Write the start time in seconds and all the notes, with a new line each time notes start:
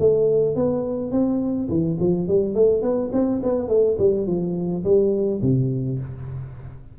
0.00 A3
0.56 B3
1.12 C4
1.69 E3
2.00 F3
2.28 G3
2.55 A3
2.83 B3
3.13 C4
3.43 B3
3.69 A3
3.99 G3
4.27 F3
4.84 G3
5.42 C3